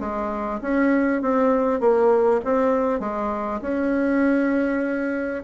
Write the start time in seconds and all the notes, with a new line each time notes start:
0.00 G#3
0.62 C#4
1.22 C4
1.80 A#3
2.45 C4
3.00 G#3
3.62 C#4